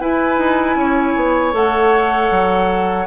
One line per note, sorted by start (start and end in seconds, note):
0.00 1.52 E4
0.00 0.38 E4
0.00 0.78 B4
0.00 1.54 G#5
0.38 0.75 D#4
0.75 1.14 C#4
0.75 3.07 C#5
1.16 1.53 B3
1.52 2.30 A3
1.52 3.06 A4
1.52 3.07 F#5
2.30 3.07 F#3